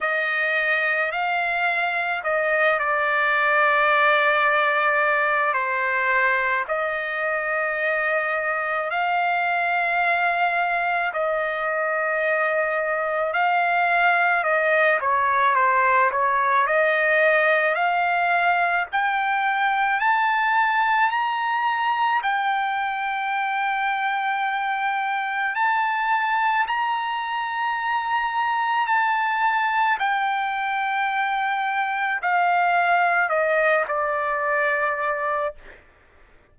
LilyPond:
\new Staff \with { instrumentName = "trumpet" } { \time 4/4 \tempo 4 = 54 dis''4 f''4 dis''8 d''4.~ | d''4 c''4 dis''2 | f''2 dis''2 | f''4 dis''8 cis''8 c''8 cis''8 dis''4 |
f''4 g''4 a''4 ais''4 | g''2. a''4 | ais''2 a''4 g''4~ | g''4 f''4 dis''8 d''4. | }